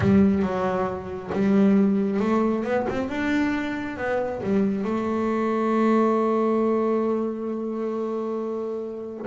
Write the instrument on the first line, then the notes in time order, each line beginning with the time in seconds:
double bass
0.00 G3
0.42 F#3
1.32 G3
2.19 A3
2.64 B3
2.89 C4
3.09 D4
3.97 B3
4.43 G3
4.84 A3